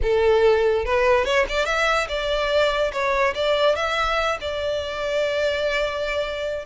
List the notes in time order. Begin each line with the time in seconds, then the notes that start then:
0.02 A4
0.85 B4
1.24 C#5
1.48 D5
1.65 E5
2.08 D5
2.92 C#5
3.34 D5
3.75 E5
4.40 D5